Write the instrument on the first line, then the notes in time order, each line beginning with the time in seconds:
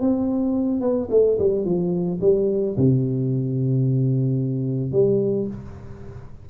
tuba
0.00 C4
0.80 B3
1.10 A3
1.39 G3
1.64 F3
2.21 G3
2.76 C3
4.92 G3